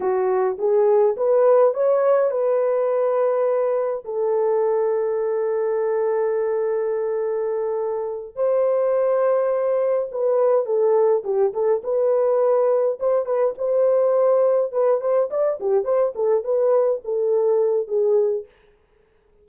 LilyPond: \new Staff \with { instrumentName = "horn" } { \time 4/4 \tempo 4 = 104 fis'4 gis'4 b'4 cis''4 | b'2. a'4~ | a'1~ | a'2~ a'8 c''4.~ |
c''4. b'4 a'4 g'8 | a'8 b'2 c''8 b'8 c''8~ | c''4. b'8 c''8 d''8 g'8 c''8 | a'8 b'4 a'4. gis'4 | }